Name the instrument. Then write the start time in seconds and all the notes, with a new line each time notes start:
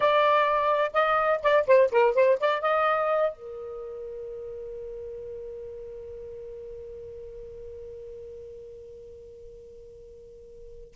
saxophone
0.00 D5
0.93 D#5
1.42 D5
1.66 C5
1.91 A#4
2.14 C5
2.40 D5
2.61 D#5
3.32 A#4